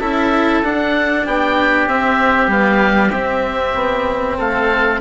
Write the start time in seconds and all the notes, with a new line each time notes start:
0.00 C#4 E4 A4 E5
0.63 D4 F#5
1.25 B3 G4 G5
1.87 C4 E5
2.48 G3 B3 F5
3.11 C4 E5
3.75 B3
4.37 A3 A4 F5